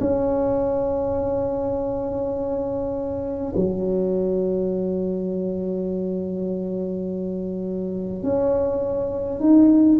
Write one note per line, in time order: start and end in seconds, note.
0.00 3.53 C#4
3.56 8.23 F#3
8.23 9.40 C#4
9.40 9.98 D#4